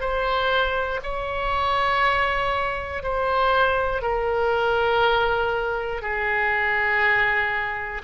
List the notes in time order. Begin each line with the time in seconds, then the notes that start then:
0.00 C5
1.03 C#5
3.03 C5
4.01 A#4
6.02 G#4